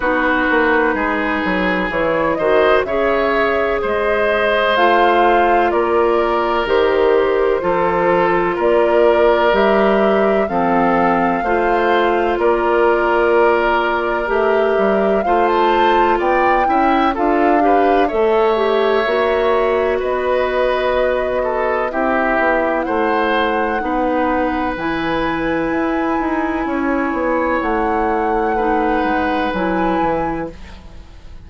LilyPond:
<<
  \new Staff \with { instrumentName = "flute" } { \time 4/4 \tempo 4 = 63 b'2 cis''8 dis''8 e''4 | dis''4 f''4 d''4 c''4~ | c''4 d''4 e''4 f''4~ | f''4 d''2 e''4 |
f''16 a''8. g''4 f''4 e''4~ | e''4 dis''2 e''4 | fis''2 gis''2~ | gis''4 fis''2 gis''4 | }
  \new Staff \with { instrumentName = "oboe" } { \time 4/4 fis'4 gis'4. c''8 cis''4 | c''2 ais'2 | a'4 ais'2 a'4 | c''4 ais'2. |
c''4 d''8 e''8 a'8 b'8 cis''4~ | cis''4 b'4. a'8 g'4 | c''4 b'2. | cis''2 b'2 | }
  \new Staff \with { instrumentName = "clarinet" } { \time 4/4 dis'2 e'8 fis'8 gis'4~ | gis'4 f'2 g'4 | f'2 g'4 c'4 | f'2. g'4 |
f'4. e'8 f'8 g'8 a'8 g'8 | fis'2. e'4~ | e'4 dis'4 e'2~ | e'2 dis'4 e'4 | }
  \new Staff \with { instrumentName = "bassoon" } { \time 4/4 b8 ais8 gis8 fis8 e8 dis8 cis4 | gis4 a4 ais4 dis4 | f4 ais4 g4 f4 | a4 ais2 a8 g8 |
a4 b8 cis'8 d'4 a4 | ais4 b2 c'8 b8 | a4 b4 e4 e'8 dis'8 | cis'8 b8 a4. gis8 fis8 e8 | }
>>